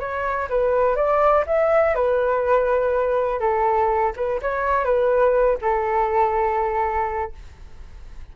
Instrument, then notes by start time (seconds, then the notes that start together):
flute
0.00 C#5
0.50 B4
0.96 D5
1.47 E5
1.95 B4
3.40 A4
4.17 B4
4.42 C#5
4.85 B4
5.62 A4